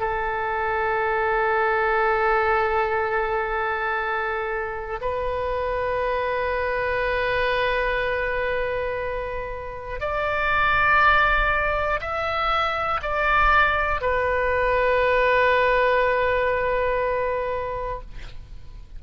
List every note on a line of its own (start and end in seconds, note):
0.00 5.00 A4
5.01 10.00 B4
10.00 12.00 D5
12.00 13.00 E5
13.02 14.01 D5
14.01 18.01 B4